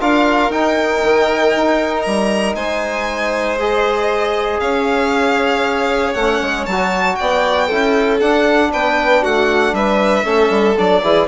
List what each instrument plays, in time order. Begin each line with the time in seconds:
0.00 bassoon D4, trombone F4, violin A#4 F5
0.50 bassoon D#4, trombone D#4, violin G5
1.03 bassoon D#3
1.56 bassoon D#4
2.02 bassoon G3, violin A#5
2.55 bassoon G#3, violin C5 G#5
3.59 trombone G#4, violin D#5
4.60 bassoon C#4, violin C#5 F5
6.14 bassoon A3, trombone C#4, violin F#5
6.41 bassoon G#3
6.66 bassoon F#3, trombone F#4, violin A5
7.15 bassoon B3, violin D5 G5
7.67 bassoon C#4, trombone E4, violin A4
8.20 trombone D4, bassoon D4, violin F#5
8.72 bassoon B3, violin B4 G5
9.22 bassoon A3, violin F#4 F#5
9.73 bassoon G3, violin B4 E5
10.24 bassoon A3, trombone C#4, violin A4
10.50 bassoon G3
10.77 bassoon F#3, trombone D4, violin D5
11.02 bassoon E3, trombone E4, violin G#4